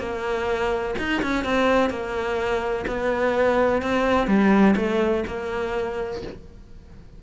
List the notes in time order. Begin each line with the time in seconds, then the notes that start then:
0.00 A#3
0.99 D#4
1.23 C#4
1.45 C4
1.90 A#3
2.88 B3
3.82 C4
4.28 G3
4.77 A3
5.28 A#3